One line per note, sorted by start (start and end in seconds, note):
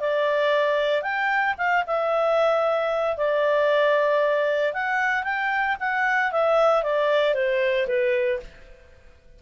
0.00 1.02 D5
1.02 1.55 G5
1.58 1.84 F5
1.87 3.17 E5
3.17 4.73 D5
4.73 5.24 F#5
5.24 5.76 G5
5.80 6.32 F#5
6.32 6.83 E5
6.83 7.35 D5
7.35 7.87 C5
7.88 8.40 B4